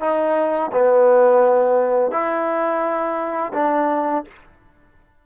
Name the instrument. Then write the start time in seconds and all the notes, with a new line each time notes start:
trombone
0.00 D#4
0.72 B3
2.11 E4
3.53 D4